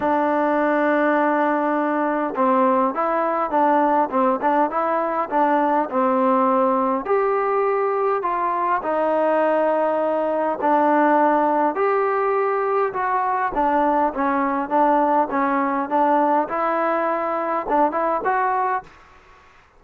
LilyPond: \new Staff \with { instrumentName = "trombone" } { \time 4/4 \tempo 4 = 102 d'1 | c'4 e'4 d'4 c'8 d'8 | e'4 d'4 c'2 | g'2 f'4 dis'4~ |
dis'2 d'2 | g'2 fis'4 d'4 | cis'4 d'4 cis'4 d'4 | e'2 d'8 e'8 fis'4 | }